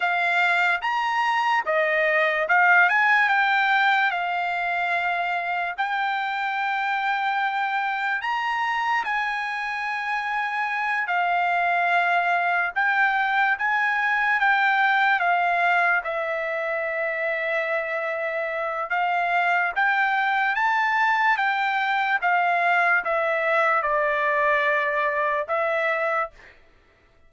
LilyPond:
\new Staff \with { instrumentName = "trumpet" } { \time 4/4 \tempo 4 = 73 f''4 ais''4 dis''4 f''8 gis''8 | g''4 f''2 g''4~ | g''2 ais''4 gis''4~ | gis''4. f''2 g''8~ |
g''8 gis''4 g''4 f''4 e''8~ | e''2. f''4 | g''4 a''4 g''4 f''4 | e''4 d''2 e''4 | }